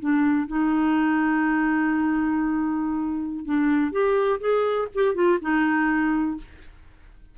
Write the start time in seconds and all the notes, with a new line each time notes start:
0.00 D4
0.48 D#4
3.45 D4
3.92 G4
4.41 G#4
4.95 G4
5.15 F4
5.42 D#4